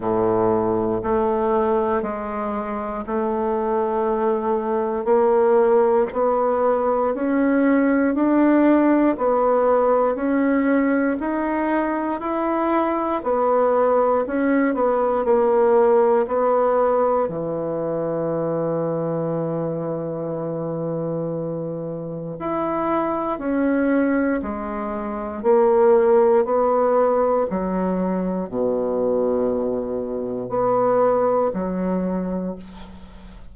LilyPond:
\new Staff \with { instrumentName = "bassoon" } { \time 4/4 \tempo 4 = 59 a,4 a4 gis4 a4~ | a4 ais4 b4 cis'4 | d'4 b4 cis'4 dis'4 | e'4 b4 cis'8 b8 ais4 |
b4 e2.~ | e2 e'4 cis'4 | gis4 ais4 b4 fis4 | b,2 b4 fis4 | }